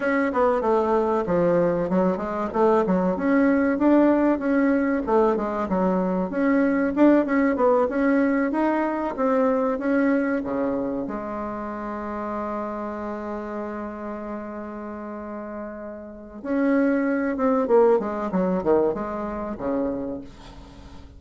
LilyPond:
\new Staff \with { instrumentName = "bassoon" } { \time 4/4 \tempo 4 = 95 cis'8 b8 a4 f4 fis8 gis8 | a8 fis8 cis'4 d'4 cis'4 | a8 gis8 fis4 cis'4 d'8 cis'8 | b8 cis'4 dis'4 c'4 cis'8~ |
cis'8 cis4 gis2~ gis8~ | gis1~ | gis2 cis'4. c'8 | ais8 gis8 fis8 dis8 gis4 cis4 | }